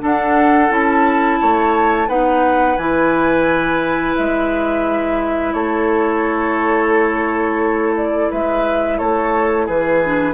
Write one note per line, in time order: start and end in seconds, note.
0.00 0.69 D4
0.00 0.70 D4
0.00 1.40 A4
0.00 0.72 F#5
0.69 1.39 C#4
0.69 2.07 E4
0.69 2.09 A5
1.41 2.08 A3
1.41 2.09 C#5
2.08 2.77 B3
2.08 2.78 D#4
2.08 5.54 B4
2.08 2.77 F#5
2.77 4.16 E3
2.77 10.03 E4
2.77 4.15 G#5
4.16 5.54 G#3
4.16 5.53 E5
5.53 8.30 A3
5.53 8.30 A4
5.53 7.95 C#5
7.97 8.32 D5
8.30 9.00 G#3
8.30 8.98 B4
8.30 8.98 E5
8.98 9.69 A3
8.98 9.66 A4
8.98 9.67 C#5
9.66 10.34 E3
9.66 10.34 G#4
9.66 10.34 B4
10.04 10.34 D4